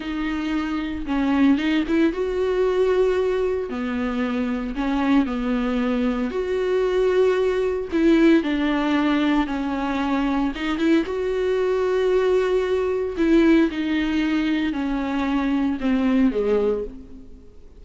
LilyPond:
\new Staff \with { instrumentName = "viola" } { \time 4/4 \tempo 4 = 114 dis'2 cis'4 dis'8 e'8 | fis'2. b4~ | b4 cis'4 b2 | fis'2. e'4 |
d'2 cis'2 | dis'8 e'8 fis'2.~ | fis'4 e'4 dis'2 | cis'2 c'4 gis4 | }